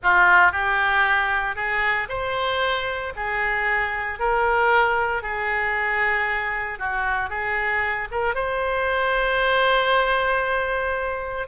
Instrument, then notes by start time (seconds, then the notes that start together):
oboe
0.02 F4
0.51 G4
1.55 G#4
2.08 C5
3.16 G#4
4.19 A#4
5.22 G#4
6.78 F#4
7.29 G#4
8.11 A#4
8.35 C5